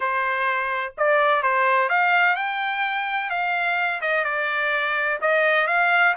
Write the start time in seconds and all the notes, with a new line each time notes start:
0.00 C5
0.97 D5
1.42 C5
1.89 F5
2.35 G5
3.30 F5
4.01 D#5
4.24 D5
5.21 D#5
5.67 F5